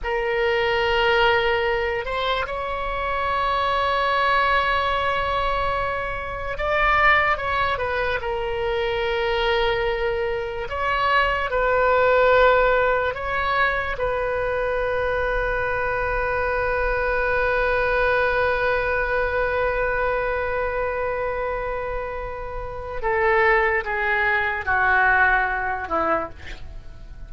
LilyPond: \new Staff \with { instrumentName = "oboe" } { \time 4/4 \tempo 4 = 73 ais'2~ ais'8 c''8 cis''4~ | cis''1 | d''4 cis''8 b'8 ais'2~ | ais'4 cis''4 b'2 |
cis''4 b'2.~ | b'1~ | b'1 | a'4 gis'4 fis'4. e'8 | }